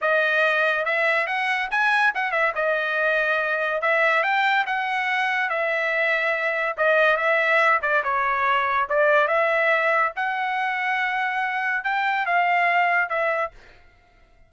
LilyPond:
\new Staff \with { instrumentName = "trumpet" } { \time 4/4 \tempo 4 = 142 dis''2 e''4 fis''4 | gis''4 fis''8 e''8 dis''2~ | dis''4 e''4 g''4 fis''4~ | fis''4 e''2. |
dis''4 e''4. d''8 cis''4~ | cis''4 d''4 e''2 | fis''1 | g''4 f''2 e''4 | }